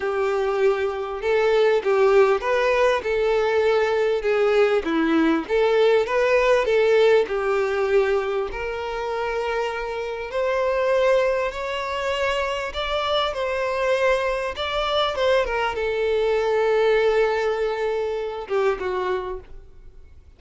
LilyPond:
\new Staff \with { instrumentName = "violin" } { \time 4/4 \tempo 4 = 99 g'2 a'4 g'4 | b'4 a'2 gis'4 | e'4 a'4 b'4 a'4 | g'2 ais'2~ |
ais'4 c''2 cis''4~ | cis''4 d''4 c''2 | d''4 c''8 ais'8 a'2~ | a'2~ a'8 g'8 fis'4 | }